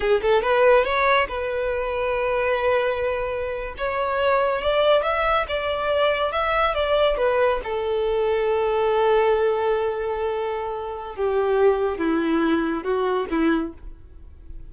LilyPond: \new Staff \with { instrumentName = "violin" } { \time 4/4 \tempo 4 = 140 gis'8 a'8 b'4 cis''4 b'4~ | b'1~ | b'8. cis''2 d''4 e''16~ | e''8. d''2 e''4 d''16~ |
d''8. b'4 a'2~ a'16~ | a'1~ | a'2 g'2 | e'2 fis'4 e'4 | }